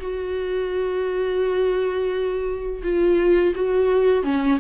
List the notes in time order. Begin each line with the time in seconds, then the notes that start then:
0.00 F#4
2.83 F4
3.55 F#4
4.23 C#4